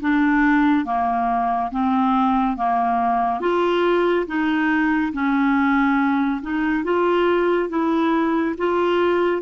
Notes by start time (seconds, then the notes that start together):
0.00 D4
0.85 A#3
1.71 C4
2.56 A#3
3.40 F4
4.26 D#4
5.12 C#4
6.42 D#4
6.84 F4
7.69 E4
8.58 F4